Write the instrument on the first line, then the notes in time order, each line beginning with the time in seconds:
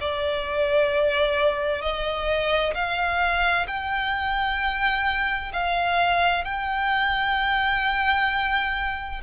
violin
0.00 D5
1.81 D#5
2.74 F5
3.67 G5
5.53 F5
6.44 G5